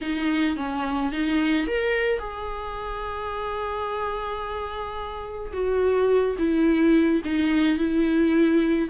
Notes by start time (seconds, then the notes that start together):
0.01 D#4
0.56 C#4
1.11 D#4
1.67 A#4
2.19 G#4
5.53 F#4
6.38 E4
7.24 D#4
7.78 E4